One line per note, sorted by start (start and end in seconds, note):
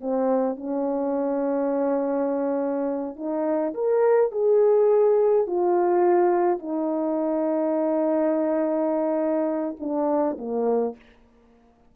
0.00 0.56 C4
0.56 3.15 C#4
3.16 3.73 D#4
3.74 4.31 A#4
4.31 5.47 G#4
5.47 6.58 F4
6.58 9.76 D#4
9.79 10.37 D4
10.38 10.96 A#3